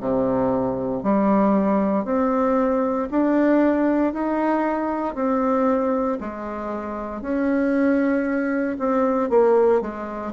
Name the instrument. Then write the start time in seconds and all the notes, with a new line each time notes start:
bassoon
0.00 C3
1.03 G3
2.05 C4
3.11 D4
4.13 D#4
5.15 C4
6.21 G#3
7.22 C#4
8.79 C4
9.30 A#3
9.81 G#3